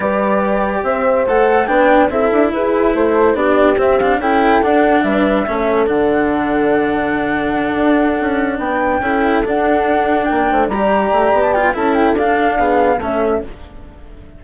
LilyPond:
<<
  \new Staff \with { instrumentName = "flute" } { \time 4/4 \tempo 4 = 143 d''2 e''4 fis''4 | g''4 e''4 b'4 c''4 | d''4 e''8 f''8 g''4 fis''4 | e''2 fis''2~ |
fis''1~ | fis''8 g''2 fis''4.~ | fis''8 g''4 ais''4.~ ais''16 a''16 g''8 | a''8 g''8 f''2 e''4 | }
  \new Staff \with { instrumentName = "horn" } { \time 4/4 b'2 c''2 | b'4 a'4 gis'4 a'4 | g'2 a'2 | b'4 a'2.~ |
a'1~ | a'8 b'4 a'2~ a'8~ | a'8 ais'8 c''8 d''2~ d''8 | a'2 gis'4 a'4 | }
  \new Staff \with { instrumentName = "cello" } { \time 4/4 g'2. a'4 | d'4 e'2. | d'4 c'8 d'8 e'4 d'4~ | d'4 cis'4 d'2~ |
d'1~ | d'4. e'4 d'4.~ | d'4. g'2 f'8 | e'4 d'4 b4 cis'4 | }
  \new Staff \with { instrumentName = "bassoon" } { \time 4/4 g2 c'4 a4 | b4 c'8 d'8 e'4 a4 | b4 c'4 cis'4 d'4 | g4 a4 d2~ |
d2~ d8 d'4 cis'8~ | cis'8 b4 cis'4 d'4.~ | d'8 ais8 a8 g4 a8 b4 | cis'4 d'2 a4 | }
>>